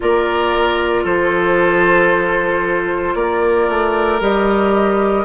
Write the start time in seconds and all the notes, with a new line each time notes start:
0.00 A#3 F4 A#4 D5
1.03 F3 A4 C5
3.15 A#3 A#4 D5
3.68 A3
4.20 G3 G4 D#5